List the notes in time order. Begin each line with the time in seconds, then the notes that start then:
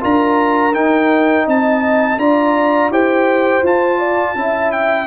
0.00 D4 F4 A#4 A#5
0.73 D#4 G5
1.45 C4 D#5 A5
2.17 D4 F4 D5 A#5
2.89 E4 G4 C5 G5
3.62 F4 A5
3.98 D5
4.34 C#4 E4 E5
4.71 G5